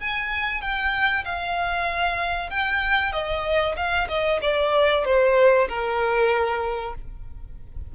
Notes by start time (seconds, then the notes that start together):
0.00 G#5
0.61 G5
1.25 F5
2.50 G5
3.13 D#5
3.76 F5
4.09 D#5
4.42 D5
5.05 C5
5.69 A#4